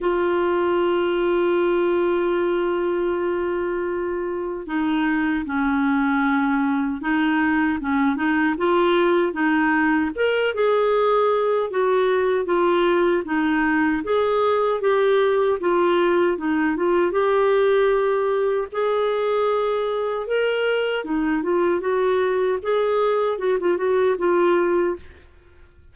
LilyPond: \new Staff \with { instrumentName = "clarinet" } { \time 4/4 \tempo 4 = 77 f'1~ | f'2 dis'4 cis'4~ | cis'4 dis'4 cis'8 dis'8 f'4 | dis'4 ais'8 gis'4. fis'4 |
f'4 dis'4 gis'4 g'4 | f'4 dis'8 f'8 g'2 | gis'2 ais'4 dis'8 f'8 | fis'4 gis'4 fis'16 f'16 fis'8 f'4 | }